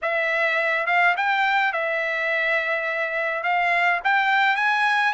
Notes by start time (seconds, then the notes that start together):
0.02 E5
0.86 F5
1.17 G5
1.72 E5
3.43 F5
4.03 G5
4.56 G#5